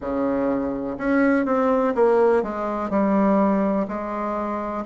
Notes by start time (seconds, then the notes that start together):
0.00 C#3
0.97 C#4
1.45 C4
1.94 A#3
2.42 G#3
2.90 G3
3.88 G#3